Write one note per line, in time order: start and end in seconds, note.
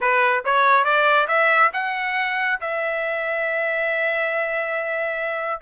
0.01 0.44 B4
0.44 0.84 C#5
0.84 1.27 D5
1.27 1.70 E5
1.73 2.59 F#5
2.60 5.61 E5